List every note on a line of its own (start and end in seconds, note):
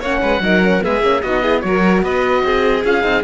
0.00 0.22 A#3
0.00 0.42 C#4
0.00 0.20 C#5
0.00 0.84 F#5
0.22 0.40 G#3
0.22 0.42 B4
0.40 0.81 F#3
0.40 0.62 D#4
0.40 0.84 A#4
0.63 0.81 C#4
0.81 1.02 G#3
0.81 1.01 B3
0.81 1.23 G#4
0.81 1.22 E5
1.02 1.22 A#3
1.02 1.23 C#4
1.22 1.63 B3
1.22 1.42 D#4
1.22 1.42 F#4
1.22 1.61 D#5
1.42 1.62 E4
1.42 1.62 G#4
1.61 2.02 F#3
1.61 2.83 F#4
1.61 2.03 A#4
1.61 2.01 C#5
2.02 2.43 B3
2.02 2.44 B4
2.02 2.85 D#5
2.43 2.83 C4
2.43 3.23 G#4
2.85 3.04 C#4
2.85 3.02 F4
2.85 3.23 F5
3.02 3.23 C4
3.02 3.22 D#4